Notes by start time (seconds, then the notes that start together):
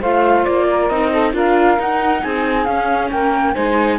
0.00 A3 F4 C5 F5
0.45 A#3 D5
0.70 A#4
0.88 C4 D#4 D#5
1.11 A4
1.33 D4 F4 A#4 F5
1.79 D#4 F#5
2.22 C4 G#4 G#5
2.64 C#4 F5
3.11 A#3 A#4 G5
3.53 G#3 D#4 C5 G#5